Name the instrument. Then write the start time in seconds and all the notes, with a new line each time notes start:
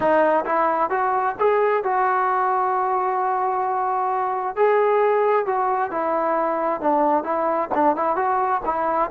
trombone
0.00 D#4
0.45 E4
0.90 F#4
1.39 G#4
1.83 F#4
4.56 G#4
5.46 F#4
5.91 E4
6.81 D4
7.23 E4
7.74 D4
7.96 E4
8.15 F#4
8.65 E4